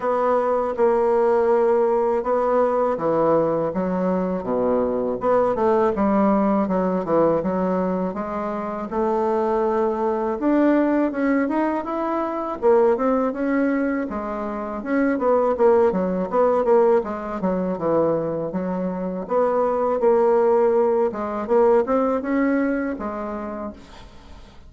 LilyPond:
\new Staff \with { instrumentName = "bassoon" } { \time 4/4 \tempo 4 = 81 b4 ais2 b4 | e4 fis4 b,4 b8 a8 | g4 fis8 e8 fis4 gis4 | a2 d'4 cis'8 dis'8 |
e'4 ais8 c'8 cis'4 gis4 | cis'8 b8 ais8 fis8 b8 ais8 gis8 fis8 | e4 fis4 b4 ais4~ | ais8 gis8 ais8 c'8 cis'4 gis4 | }